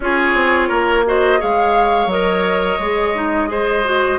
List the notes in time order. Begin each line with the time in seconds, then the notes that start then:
0.00 C#4 F4 G#4 C#5
0.34 C4
0.68 A#3 A#4
1.06 F#4 C5 D#5
1.39 G#3 G#4 C#5 F5
2.06 F#3 A#4 D#5
2.78 G#3 G#4
3.14 D#4
3.47 G#4 C5
3.84 F#4